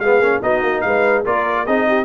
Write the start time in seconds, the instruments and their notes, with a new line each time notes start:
0.00 tuba G#3, trombone B3, horn G#4, trumpet F5
0.20 tuba A#3, trombone C#4
0.43 tuba B3, trombone D#4, horn F#4, trumpet D#5
0.63 tuba A#3
0.81 tuba G#3, horn B4, trumpet F5
1.25 tuba A#3, trombone F4, horn A#4, trumpet D5
1.66 tuba C4, trombone D#4, horn G#4, trumpet D#5
1.88 horn G4